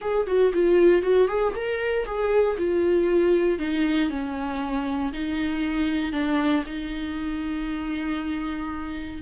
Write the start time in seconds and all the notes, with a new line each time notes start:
0.01 G#4
0.27 F#4
0.53 F4
1.02 F#4
1.28 G#4
1.55 A#4
2.05 G#4
2.57 F4
3.59 D#4
4.10 C#4
5.13 D#4
6.12 D4
6.65 D#4